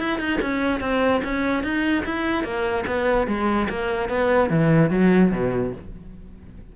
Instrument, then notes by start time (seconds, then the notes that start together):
cello
0.00 E4
0.19 D#4
0.42 C#4
0.81 C4
1.24 C#4
1.64 D#4
2.06 E4
2.44 A#3
2.87 B3
3.27 G#3
3.70 A#3
4.09 B3
4.50 E3
4.91 F#3
5.32 B2